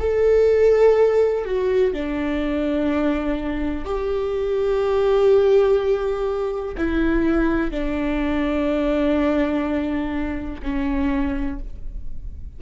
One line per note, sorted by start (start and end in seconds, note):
0.00 1.45 A4
1.45 1.94 F#4
1.94 3.85 D4
3.85 6.76 G4
6.78 7.71 E4
7.71 10.61 D4
10.63 11.60 C#4